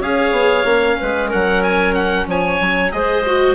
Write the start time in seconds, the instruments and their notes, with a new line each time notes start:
0.00 bassoon C#4, viola G#4, clarinet C#5, oboe F5
0.31 bassoon B3
0.64 bassoon A#3, viola C#4
1.00 bassoon G#3, clarinet B4
1.28 bassoon F#3, clarinet A#4, oboe F#5
1.63 oboe G#5
1.94 oboe F#5
2.26 bassoon F3, clarinet C#5, oboe G#5
2.60 bassoon F#3
2.92 bassoon G#3, viola G#4, clarinet C5, oboe D#5
3.26 viola F#4